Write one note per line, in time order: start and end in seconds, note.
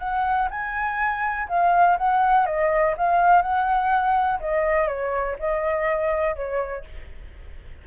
0.00 0.49 F#5
0.51 1.49 G#5
1.49 1.98 F5
1.98 2.46 F#5
2.46 2.95 D#5
2.98 3.43 F5
3.43 4.40 F#5
4.41 4.88 D#5
4.88 5.37 C#5
5.40 6.36 D#5
6.36 6.85 C#5